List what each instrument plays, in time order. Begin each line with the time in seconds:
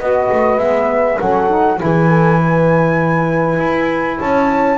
0.00 double bass B3, saxophone F#4, horn B4, flute D#5
0.32 double bass A3
0.58 double bass G#3, saxophone B3, flute E5
1.19 double bass F#3, saxophone C#4, horn A4, flute F#5
1.49 saxophone D#4
1.77 saxophone E4, flute G#5
1.83 double bass E3, horn G#4
2.09 horn A4
2.38 horn B4
3.59 double bass E4
4.19 double bass C#4, horn C#5, flute A5